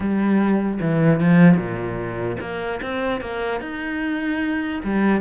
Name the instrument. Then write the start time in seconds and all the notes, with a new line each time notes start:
cello
0.00 G3
0.80 E3
1.19 F3
1.57 A#2
2.40 A#3
2.82 C4
3.21 A#3
3.60 D#4
4.84 G3